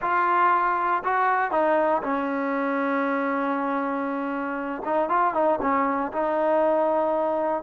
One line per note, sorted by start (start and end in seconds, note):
0.01 1.03 F4
1.04 1.51 F#4
1.51 2.02 D#4
2.02 4.82 C#4
4.85 5.09 D#4
5.09 5.33 F4
5.33 5.59 D#4
5.61 6.12 C#4
6.12 7.63 D#4